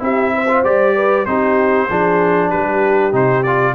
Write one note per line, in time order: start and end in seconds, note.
0.00 0.64 C4
0.00 0.47 E4
0.00 0.34 G4
0.00 0.65 E5
0.35 0.96 C5
0.49 0.64 F4
0.64 1.27 G3
0.64 1.27 G4
0.64 1.26 D5
0.96 1.27 B4
1.26 1.90 C4
1.26 1.89 D#4
1.26 1.88 G4
1.26 2.51 C5
1.88 2.53 F3
1.88 3.12 D4
1.88 2.49 G#4
2.49 3.13 G3
2.49 3.74 G4
2.49 3.13 B4
3.12 3.75 C3
3.12 3.44 D#4
3.12 3.43 C5
3.43 3.75 F4
3.43 3.75 D5